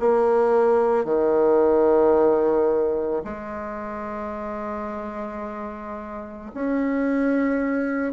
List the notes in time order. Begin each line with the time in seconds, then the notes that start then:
0.00 A#3
1.05 D#3
3.24 G#3
6.55 C#4